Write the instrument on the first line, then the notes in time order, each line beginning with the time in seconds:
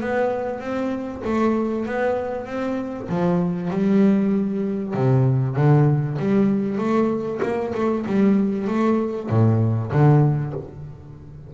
double bass
0.00 B3
0.60 C4
1.24 A3
1.86 B3
2.46 C4
3.08 F3
3.70 G3
4.94 C3
5.56 D3
6.19 G3
6.78 A3
7.42 A#3
7.74 A3
8.06 G3
8.67 A3
9.30 A2
9.92 D3